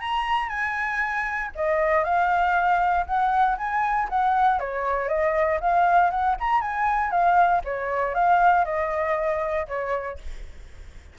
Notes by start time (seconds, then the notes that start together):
0.00 A#5
0.49 G#5
1.55 D#5
2.04 F5
3.06 F#5
3.58 G#5
4.09 F#5
4.60 C#5
5.08 D#5
5.60 F5
6.10 F#5
6.40 A#5
6.61 G#5
7.11 F5
7.64 C#5
8.14 F5
8.65 D#5
9.67 C#5